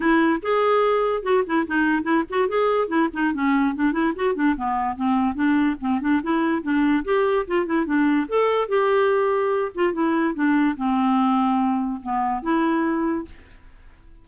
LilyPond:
\new Staff \with { instrumentName = "clarinet" } { \time 4/4 \tempo 4 = 145 e'4 gis'2 fis'8 e'8 | dis'4 e'8 fis'8 gis'4 e'8 dis'8 | cis'4 d'8 e'8 fis'8 d'8 b4 | c'4 d'4 c'8 d'8 e'4 |
d'4 g'4 f'8 e'8 d'4 | a'4 g'2~ g'8 f'8 | e'4 d'4 c'2~ | c'4 b4 e'2 | }